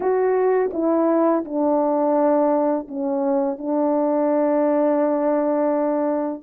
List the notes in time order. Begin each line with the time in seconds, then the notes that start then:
0.00 F#4
0.73 E4
1.44 D4
2.87 C#4
3.57 D4